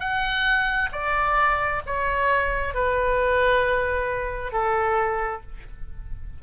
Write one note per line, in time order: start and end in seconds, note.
0.00 0.90 F#5
0.92 1.82 D5
1.86 2.75 C#5
2.75 4.53 B4
4.53 5.42 A4